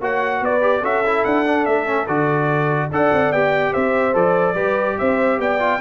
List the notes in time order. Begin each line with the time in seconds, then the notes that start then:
0.00 A#3 F#4 C#5 F#5
0.41 B3 B4 D5
0.61 G4
0.80 C#4 F#4 A4 E5
1.06 E4
1.25 D4 F#5
1.46 D4
1.65 A3 E5
1.85 C#4
2.07 D3 F#4 D5
2.91 D4 A4 D5 F#5
3.12 C4
3.32 B3 G4 G5
3.72 C4 C5 E5
4.13 F3 A4 D5
4.54 G3 G4 B4
4.98 C4 C5 E5
5.38 B3 D5 G5
5.59 F4